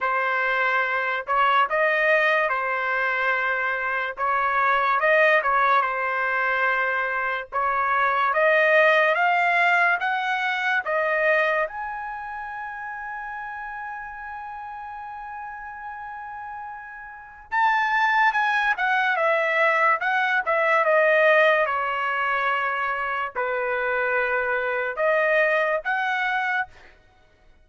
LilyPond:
\new Staff \with { instrumentName = "trumpet" } { \time 4/4 \tempo 4 = 72 c''4. cis''8 dis''4 c''4~ | c''4 cis''4 dis''8 cis''8 c''4~ | c''4 cis''4 dis''4 f''4 | fis''4 dis''4 gis''2~ |
gis''1~ | gis''4 a''4 gis''8 fis''8 e''4 | fis''8 e''8 dis''4 cis''2 | b'2 dis''4 fis''4 | }